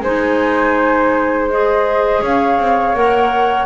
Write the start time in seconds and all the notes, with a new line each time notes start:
0.00 G#3 D#4 C5 G#5
1.50 G#4 D#5
2.20 C#4 C#5 F5
2.58 C4
2.93 A#3 A#4 F#5